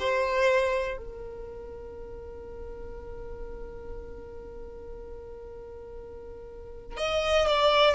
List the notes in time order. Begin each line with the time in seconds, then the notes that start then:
0.00 C5
0.98 A#4
6.98 D#5
7.48 D5